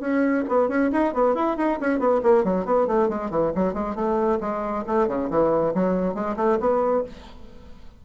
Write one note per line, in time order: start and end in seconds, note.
0.00 0.44 C#4
0.48 0.69 B3
0.69 0.91 C#4
0.92 1.13 D#4
1.13 1.35 B3
1.35 1.57 E4
1.57 1.79 D#4
1.81 1.99 C#4
1.99 2.21 B3
2.23 2.44 A#3
2.44 2.65 F#3
2.65 2.87 B3
2.87 3.09 A3
3.09 3.30 G#3
3.30 3.52 E3
3.55 3.74 F#3
3.74 3.95 G#3
3.95 4.39 A3
4.41 4.84 G#3
4.87 5.08 A3
5.08 5.30 C#3
5.30 5.74 E3
5.75 6.14 F#3
6.14 6.36 G#3
6.37 6.59 A3
6.60 7.04 B3